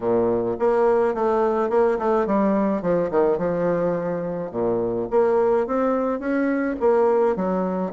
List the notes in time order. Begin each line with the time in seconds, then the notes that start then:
0.00 A#2
0.59 A#3
1.14 A3
1.69 A#3
1.98 A3
2.26 G3
2.82 F3
3.11 D#3
3.38 F3
4.51 A#2
5.10 A#3
5.67 C4
6.19 C#4
6.80 A#3
7.36 F#3